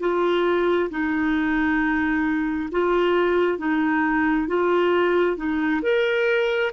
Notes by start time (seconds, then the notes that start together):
0.00 F4
0.90 D#4
2.72 F4
3.58 D#4
4.48 F4
5.36 D#4
5.82 A#4